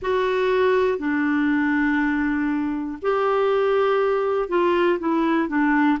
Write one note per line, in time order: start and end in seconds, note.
0.02 0.98 F#4
0.98 2.98 D4
3.01 4.49 G4
4.49 4.99 F4
4.99 5.48 E4
5.48 5.98 D4